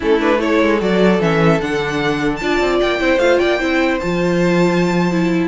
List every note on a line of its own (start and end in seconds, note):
0.00 0.62 A3
0.00 0.20 C#4
0.00 0.39 E4
0.00 0.21 A4
0.20 0.38 D4
0.20 0.41 B4
0.38 0.78 E4
0.38 2.39 A4
0.38 0.81 C#5
0.62 0.81 G#3
0.79 1.19 F#3
0.79 1.19 F#4
0.79 1.21 D5
1.19 1.59 E3
1.19 1.60 C#4
1.19 1.60 E5
1.60 2.41 D3
1.60 2.40 D4
1.60 2.36 F#5
2.36 2.60 D4
2.36 2.98 F4
2.36 2.76 A5
2.43 3.01 D5
2.60 2.80 C4
2.81 3.00 A#3
2.81 3.19 G5
2.98 3.17 C4
2.98 3.18 E4
2.98 3.39 C5
3.17 3.37 A3
3.17 3.59 F4
3.17 3.38 F5
3.38 3.60 A#3
3.38 3.59 D5
3.38 3.98 G5
3.59 4.00 C4
3.59 3.99 E4
3.59 5.48 C5
4.00 5.48 F3
4.00 5.11 F4
4.00 5.48 A5
5.11 5.48 E4